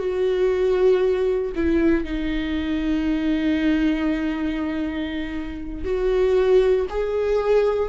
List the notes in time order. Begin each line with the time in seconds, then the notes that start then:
0.00 F#4
1.56 E4
2.05 D#4
5.85 F#4
6.90 G#4